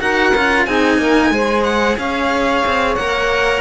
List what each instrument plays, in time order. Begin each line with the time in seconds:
0.00 cello D#4 F#4, saxophone A#4, violin F#5
0.35 cello C#4 F4
0.66 cello C4 D#4, saxophone G#4, violin G#5
0.98 cello A#3, saxophone A#4
1.31 cello G#3 G#4, saxophone C5
1.64 violin F#5
1.99 cello C#4, saxophone C#5, violin F5
2.66 cello C4
2.96 cello A#3 A#4, violin F#5